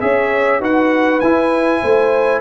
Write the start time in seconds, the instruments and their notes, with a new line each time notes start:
0.00 tuba C#4, trombone G#4, horn C#5, trumpet E5
0.60 tuba D#4, trombone F#4, horn B4, trumpet F#5
1.20 tuba E4, trombone E4, trumpet G#5
1.81 tuba A3, horn C5